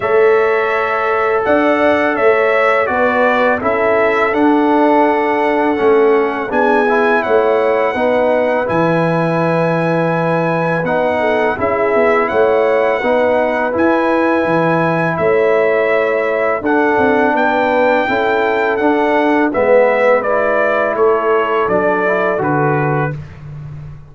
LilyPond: <<
  \new Staff \with { instrumentName = "trumpet" } { \time 4/4 \tempo 4 = 83 e''2 fis''4 e''4 | d''4 e''4 fis''2~ | fis''4 gis''4 fis''2 | gis''2. fis''4 |
e''4 fis''2 gis''4~ | gis''4 e''2 fis''4 | g''2 fis''4 e''4 | d''4 cis''4 d''4 b'4 | }
  \new Staff \with { instrumentName = "horn" } { \time 4/4 cis''2 d''4 cis''4 | b'4 a'2.~ | a'4 gis'4 cis''4 b'4~ | b'2.~ b'8 a'8 |
gis'4 cis''4 b'2~ | b'4 cis''2 a'4 | b'4 a'2 b'4~ | b'4 a'2. | }
  \new Staff \with { instrumentName = "trombone" } { \time 4/4 a'1 | fis'4 e'4 d'2 | cis'4 d'8 e'4. dis'4 | e'2. dis'4 |
e'2 dis'4 e'4~ | e'2. d'4~ | d'4 e'4 d'4 b4 | e'2 d'8 e'8 fis'4 | }
  \new Staff \with { instrumentName = "tuba" } { \time 4/4 a2 d'4 a4 | b4 cis'4 d'2 | a4 b4 a4 b4 | e2. b4 |
cis'8 b8 a4 b4 e'4 | e4 a2 d'8 c'8 | b4 cis'4 d'4 gis4~ | gis4 a4 fis4 d4 | }
>>